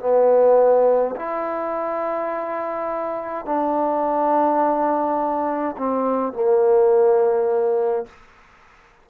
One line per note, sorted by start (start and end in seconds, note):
0.00 1.15 B3
1.16 3.45 E4
3.45 5.76 D4
5.77 6.33 C4
6.33 8.06 A#3